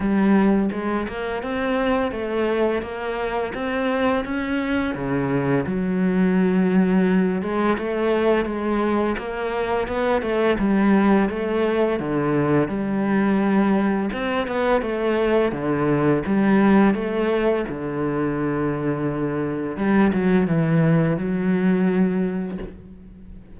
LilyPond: \new Staff \with { instrumentName = "cello" } { \time 4/4 \tempo 4 = 85 g4 gis8 ais8 c'4 a4 | ais4 c'4 cis'4 cis4 | fis2~ fis8 gis8 a4 | gis4 ais4 b8 a8 g4 |
a4 d4 g2 | c'8 b8 a4 d4 g4 | a4 d2. | g8 fis8 e4 fis2 | }